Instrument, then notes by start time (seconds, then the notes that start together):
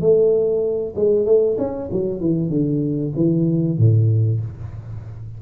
tuba
0.00 A3
0.95 G#3
1.25 A3
1.58 C#4
1.91 F#3
2.20 E3
2.49 D3
3.16 E3
3.78 A2